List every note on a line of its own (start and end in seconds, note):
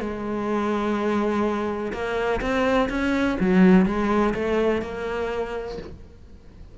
0.00 1.92 G#3
1.92 2.40 A#3
2.41 2.89 C4
2.89 3.37 C#4
3.39 3.86 F#3
3.86 4.34 G#3
4.34 4.82 A3
4.82 5.78 A#3